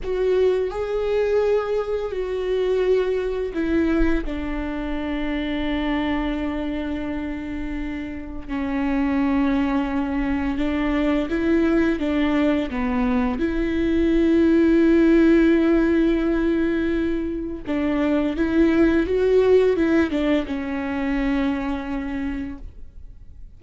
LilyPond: \new Staff \with { instrumentName = "viola" } { \time 4/4 \tempo 4 = 85 fis'4 gis'2 fis'4~ | fis'4 e'4 d'2~ | d'1 | cis'2. d'4 |
e'4 d'4 b4 e'4~ | e'1~ | e'4 d'4 e'4 fis'4 | e'8 d'8 cis'2. | }